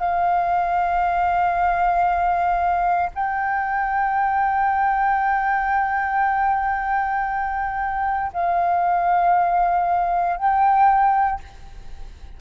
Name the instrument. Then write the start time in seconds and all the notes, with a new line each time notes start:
flute
0.00 F5
3.15 G5
8.33 F5
10.37 G5